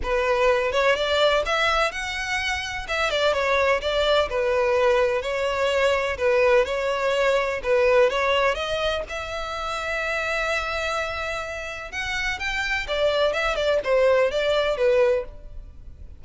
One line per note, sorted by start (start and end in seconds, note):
0.02 0.72 B4
0.72 0.95 C#5
0.95 1.43 D5
1.45 1.91 E5
1.91 2.86 F#5
2.87 3.10 E5
3.10 3.33 D5
3.33 3.81 C#5
3.81 4.29 D5
4.29 5.22 B4
5.22 6.17 C#5
6.17 6.65 B4
6.65 7.60 C#5
7.63 8.10 B4
8.10 8.54 C#5
8.54 9.02 D#5
9.09 11.91 E5
11.91 12.39 F#5
12.39 12.87 G5
12.87 13.33 D5
13.33 13.55 E5
13.55 13.79 D5
13.84 14.31 C5
14.31 14.77 D5
14.77 15.24 B4